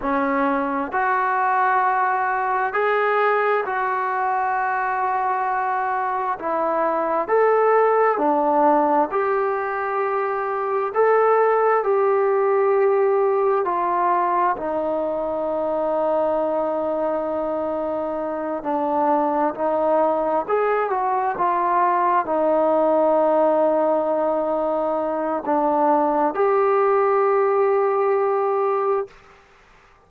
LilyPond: \new Staff \with { instrumentName = "trombone" } { \time 4/4 \tempo 4 = 66 cis'4 fis'2 gis'4 | fis'2. e'4 | a'4 d'4 g'2 | a'4 g'2 f'4 |
dis'1~ | dis'8 d'4 dis'4 gis'8 fis'8 f'8~ | f'8 dis'2.~ dis'8 | d'4 g'2. | }